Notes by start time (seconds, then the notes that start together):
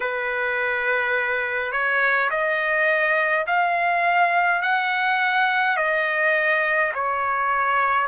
0.00 B4
1.72 C#5
2.30 D#5
3.46 F5
4.62 F#5
5.76 D#5
6.94 C#5